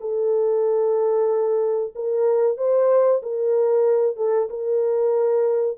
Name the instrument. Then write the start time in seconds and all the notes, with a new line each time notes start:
horn
0.00 A4
1.95 A#4
2.57 C5
3.22 A#4
4.16 A4
4.49 A#4